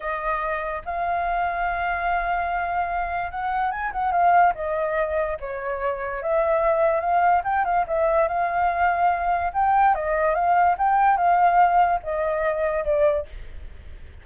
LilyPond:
\new Staff \with { instrumentName = "flute" } { \time 4/4 \tempo 4 = 145 dis''2 f''2~ | f''1 | fis''4 gis''8 fis''8 f''4 dis''4~ | dis''4 cis''2 e''4~ |
e''4 f''4 g''8 f''8 e''4 | f''2. g''4 | dis''4 f''4 g''4 f''4~ | f''4 dis''2 d''4 | }